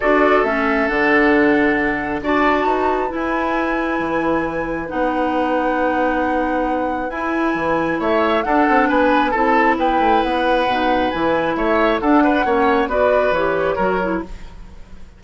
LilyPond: <<
  \new Staff \with { instrumentName = "flute" } { \time 4/4 \tempo 4 = 135 d''4 e''4 fis''2~ | fis''4 a''2 gis''4~ | gis''2. fis''4~ | fis''1 |
gis''2 e''4 fis''4 | gis''4 a''4 g''4 fis''4~ | fis''4 gis''4 e''4 fis''4~ | fis''4 d''4 cis''2 | }
  \new Staff \with { instrumentName = "oboe" } { \time 4/4 a'1~ | a'4 d''4 b'2~ | b'1~ | b'1~ |
b'2 cis''4 a'4 | b'4 a'4 b'2~ | b'2 cis''4 a'8 b'8 | cis''4 b'2 ais'4 | }
  \new Staff \with { instrumentName = "clarinet" } { \time 4/4 fis'4 cis'4 d'2~ | d'4 fis'2 e'4~ | e'2. dis'4~ | dis'1 |
e'2. d'4~ | d'4 e'2. | dis'4 e'2 d'4 | cis'4 fis'4 g'4 fis'8 e'8 | }
  \new Staff \with { instrumentName = "bassoon" } { \time 4/4 d'4 a4 d2~ | d4 d'4 dis'4 e'4~ | e'4 e2 b4~ | b1 |
e'4 e4 a4 d'8 c'8 | b4 c'4 b8 a8 b4 | b,4 e4 a4 d'4 | ais4 b4 e4 fis4 | }
>>